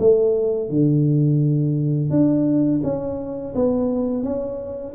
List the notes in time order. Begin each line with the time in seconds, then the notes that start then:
0.00 A3
0.70 D3
2.11 D4
2.84 C#4
3.55 B3
4.24 C#4